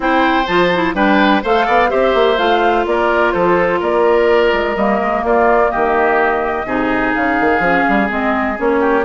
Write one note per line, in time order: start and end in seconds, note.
0.00 0.46 C4
0.00 0.45 E4
0.00 0.95 C5
0.00 0.46 G5
0.46 0.94 F3
0.46 0.71 F4
0.46 0.94 A5
0.74 0.94 E4
0.94 1.41 G3
0.94 1.42 D4
0.94 1.42 B4
0.94 1.42 G5
1.43 1.67 A3
1.43 1.88 A4
1.43 1.66 C5
1.43 1.90 F5
1.66 1.91 B3
1.66 1.89 D5
1.88 2.14 C4
1.88 2.36 G4
1.88 2.85 C5
1.88 2.38 E5
2.14 2.38 A#3
2.37 2.85 A3
2.37 4.75 F4
2.37 2.85 F5
2.86 3.33 A#3
2.86 3.33 A#4
2.86 3.31 D5
3.31 3.81 F3
3.31 3.79 A4
3.31 3.79 C5
3.79 4.52 A#3
3.79 5.22 A#4
3.79 4.76 D5
4.52 4.76 G#3
4.76 5.00 G3
4.76 6.66 A#3
4.76 5.23 D#5
5.01 5.23 G#3
5.23 5.70 A#3
5.23 5.71 F4
5.23 5.70 D5
5.70 6.65 D#3
5.70 6.66 G4
5.70 7.13 D#5
6.65 7.12 C3
6.65 7.61 D#4
6.65 8.80 G#4
7.14 7.40 C#3
7.14 8.09 F5
7.40 7.59 D#3
7.59 7.83 F3
7.59 8.08 C#4
7.88 8.10 G3
8.08 8.57 G#3
8.08 8.56 C4
8.08 8.58 D#5
8.56 9.04 A#3
8.56 9.03 C#4
8.56 9.04 C#5
8.80 9.03 G4